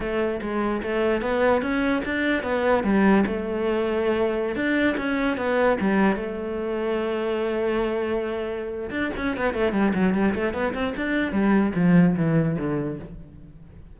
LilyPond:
\new Staff \with { instrumentName = "cello" } { \time 4/4 \tempo 4 = 148 a4 gis4 a4 b4 | cis'4 d'4 b4 g4 | a2.~ a16 d'8.~ | d'16 cis'4 b4 g4 a8.~ |
a1~ | a2 d'8 cis'8 b8 a8 | g8 fis8 g8 a8 b8 c'8 d'4 | g4 f4 e4 d4 | }